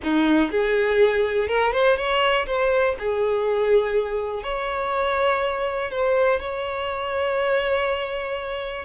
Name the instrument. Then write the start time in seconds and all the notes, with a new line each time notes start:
violin
0.03 D#4
0.51 G#4
1.48 A#4
1.72 C5
1.96 C#5
2.46 C5
2.99 G#4
4.43 C#5
5.91 C5
6.40 C#5